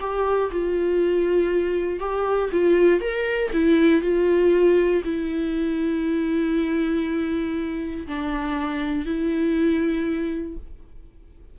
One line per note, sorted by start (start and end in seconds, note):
0.00 0.50 G4
0.51 2.00 F4
2.00 2.50 G4
2.52 3.01 F4
3.01 3.51 A#4
3.53 4.02 E4
4.02 5.02 F4
5.04 8.07 E4
8.07 9.05 D4
9.05 10.57 E4